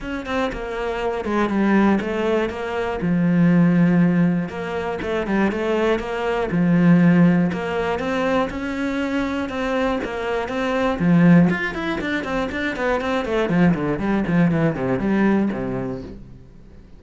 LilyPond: \new Staff \with { instrumentName = "cello" } { \time 4/4 \tempo 4 = 120 cis'8 c'8 ais4. gis8 g4 | a4 ais4 f2~ | f4 ais4 a8 g8 a4 | ais4 f2 ais4 |
c'4 cis'2 c'4 | ais4 c'4 f4 f'8 e'8 | d'8 c'8 d'8 b8 c'8 a8 f8 d8 | g8 f8 e8 c8 g4 c4 | }